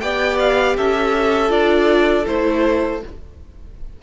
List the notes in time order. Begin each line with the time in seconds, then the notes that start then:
0.00 B3 G4 D5 G5
0.39 F5
0.77 C#4 A4 E5
1.49 D4 F4 D5
2.26 A3 E4 C5